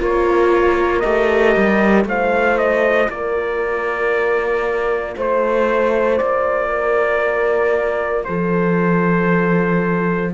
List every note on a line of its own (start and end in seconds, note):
0.00 1.04 A#3
0.00 1.03 F4
0.00 2.08 A#4
0.00 1.00 C#5
1.00 1.57 A3
1.00 2.06 G4
1.00 2.04 D#5
1.57 2.05 G3
2.05 3.09 A3
2.05 10.34 F4
2.05 3.12 C5
2.05 2.58 F5
2.58 3.10 D#5
3.09 5.16 A#3
3.09 5.17 A#4
3.09 5.17 D5
5.17 6.21 A3
5.17 6.70 C5
5.17 6.18 C5
6.18 8.28 A#3
6.18 8.25 D5
6.70 8.25 A#4
8.25 10.34 F3
8.25 10.34 A4
8.25 10.32 C5